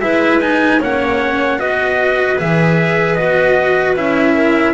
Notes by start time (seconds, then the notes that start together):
0.00 G#3 E4 B4 E5
0.41 D#4 G#5
0.81 A#3 C#4 C#5 F#5
1.58 B3 F#4 B4 D#5
2.39 E3 G#4 E5
3.15 B3 F#4 D#5
3.96 C#4 E4 E5
4.35 A#4